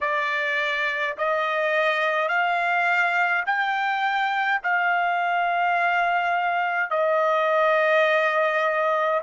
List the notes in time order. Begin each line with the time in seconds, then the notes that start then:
0.01 D5
1.17 D#5
2.28 F5
3.46 G5
4.63 F5
6.90 D#5